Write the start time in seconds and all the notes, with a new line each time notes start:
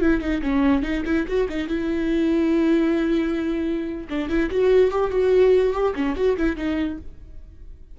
0.00 E4
0.20 D#4
0.42 C#4
0.82 D#4
1.05 E4
1.27 F#4
1.48 D#4
1.67 E4
4.09 D4
4.29 E4
4.50 F#4
4.90 G4
5.10 F#4
5.72 G4
5.95 C#4
6.15 F#4
6.36 E4
6.56 D#4